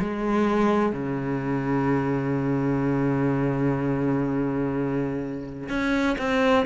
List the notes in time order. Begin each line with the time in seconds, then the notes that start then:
0.00 G#3
0.92 C#3
5.69 C#4
6.18 C4